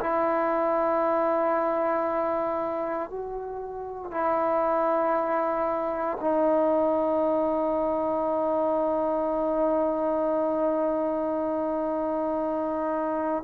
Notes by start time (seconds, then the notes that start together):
0.00 E4
3.10 F#4
4.11 E4
6.21 D#4